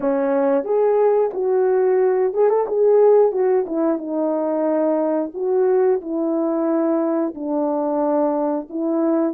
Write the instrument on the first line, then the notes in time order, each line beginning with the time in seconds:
horn
0.00 C#4
0.64 G#4
1.33 F#4
2.33 G#4
2.49 A4
2.67 G#4
3.32 F#4
3.66 E4
3.98 D#4
5.34 F#4
6.01 E4
7.34 D4
8.69 E4